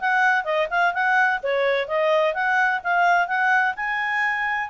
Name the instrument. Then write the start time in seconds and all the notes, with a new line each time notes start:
clarinet
0.00 F#5
0.45 D#5
0.70 F5
0.94 F#5
1.43 C#5
1.87 D#5
2.34 F#5
2.84 F5
3.27 F#5
3.76 G#5